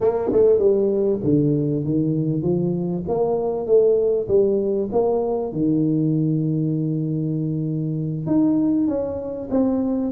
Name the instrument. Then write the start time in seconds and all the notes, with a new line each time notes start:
tuba
0.00 A#3
0.32 A3
0.58 G3
1.23 D3
1.84 D#3
2.42 F3
3.08 A#3
3.66 A3
4.28 G3
4.92 A#3
5.52 D#3
8.26 D#4
8.87 C#4
9.50 C4